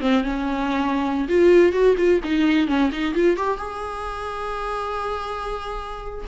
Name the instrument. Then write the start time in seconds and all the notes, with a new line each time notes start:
viola
0.00 C4
0.23 C#4
1.28 F4
1.72 F#4
1.97 F4
2.23 D#4
2.67 C#4
2.92 D#4
3.14 F4
3.37 G4
3.57 G#4